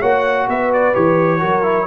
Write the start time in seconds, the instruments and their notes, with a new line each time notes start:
0.00 tuba A#3, trombone F#4, horn C#5, trumpet F#5
0.48 tuba B3, horn B4, trumpet E5
0.73 trumpet D5
0.94 tuba E3, trombone G4, trumpet C#5
1.40 tuba F#3, trombone F#4, horn A#4
1.63 trombone E4